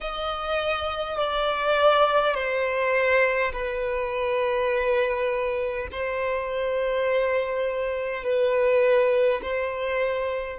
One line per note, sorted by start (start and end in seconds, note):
0.01 1.18 D#5
1.18 2.34 D5
2.34 3.52 C5
3.52 5.87 B4
5.91 8.23 C5
8.23 9.41 B4
9.42 10.58 C5